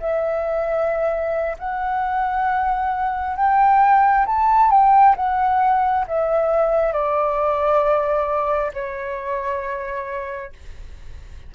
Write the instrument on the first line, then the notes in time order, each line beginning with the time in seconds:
flute
0.00 E5
1.59 F#5
3.37 G5
4.27 A5
4.71 G5
5.17 F#5
6.08 E5
6.93 D5
8.74 C#5